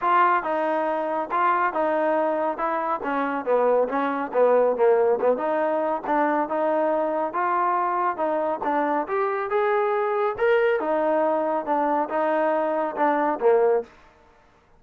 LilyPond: \new Staff \with { instrumentName = "trombone" } { \time 4/4 \tempo 4 = 139 f'4 dis'2 f'4 | dis'2 e'4 cis'4 | b4 cis'4 b4 ais4 | b8 dis'4. d'4 dis'4~ |
dis'4 f'2 dis'4 | d'4 g'4 gis'2 | ais'4 dis'2 d'4 | dis'2 d'4 ais4 | }